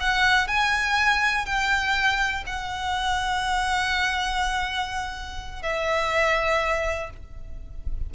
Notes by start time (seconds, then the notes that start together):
0.00 F#5
0.47 G#5
1.46 G5
2.46 F#5
5.62 E5